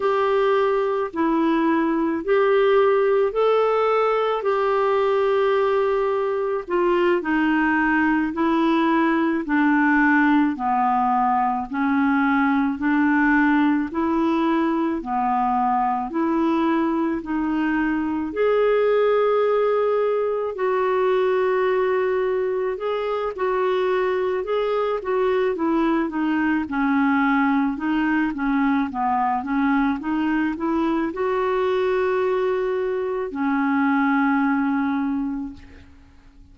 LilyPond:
\new Staff \with { instrumentName = "clarinet" } { \time 4/4 \tempo 4 = 54 g'4 e'4 g'4 a'4 | g'2 f'8 dis'4 e'8~ | e'8 d'4 b4 cis'4 d'8~ | d'8 e'4 b4 e'4 dis'8~ |
dis'8 gis'2 fis'4.~ | fis'8 gis'8 fis'4 gis'8 fis'8 e'8 dis'8 | cis'4 dis'8 cis'8 b8 cis'8 dis'8 e'8 | fis'2 cis'2 | }